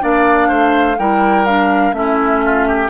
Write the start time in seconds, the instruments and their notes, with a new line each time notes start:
0.00 bassoon A#3, clarinet D4, oboe D5, flute F5
0.49 bassoon A3, oboe C5
0.99 bassoon G3, clarinet E4, oboe A#4, flute G5
1.46 clarinet D4, flute F5
1.93 bassoon A3, clarinet C#4, oboe E4, flute E5
2.45 oboe F4
2.68 oboe G4